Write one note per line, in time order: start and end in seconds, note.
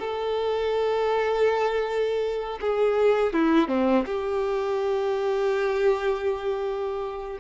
0.00 2.59 A4
2.61 3.33 G#4
3.33 3.68 E4
3.68 4.05 C4
4.06 7.39 G4